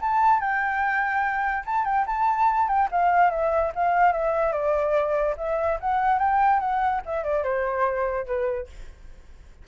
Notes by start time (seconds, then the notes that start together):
0.00 A5
0.39 G5
1.65 A5
1.85 G5
2.06 A5
2.67 G5
2.91 F5
3.30 E5
3.75 F5
4.12 E5
4.52 D5
5.37 E5
5.80 F#5
6.18 G5
6.59 F#5
7.06 E5
7.23 D5
7.43 C5
8.26 B4